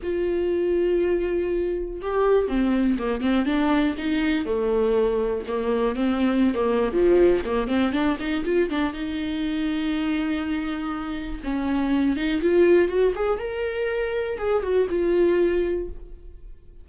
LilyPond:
\new Staff \with { instrumentName = "viola" } { \time 4/4 \tempo 4 = 121 f'1 | g'4 c'4 ais8 c'8 d'4 | dis'4 a2 ais4 | c'4~ c'16 ais8. f4 ais8 c'8 |
d'8 dis'8 f'8 d'8 dis'2~ | dis'2. cis'4~ | cis'8 dis'8 f'4 fis'8 gis'8 ais'4~ | ais'4 gis'8 fis'8 f'2 | }